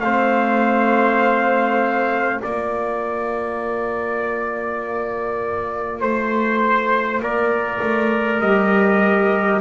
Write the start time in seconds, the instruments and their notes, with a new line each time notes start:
0.00 double bass A3, trombone C4, trumpet C5 F5
2.41 double bass A#3, trombone F4, trumpet A#4 D5
6.00 double bass A3, trumpet C5
7.20 double bass A#3, trumpet A#4 D5
7.82 double bass A3
8.40 double bass G3, trombone G4, trumpet D#5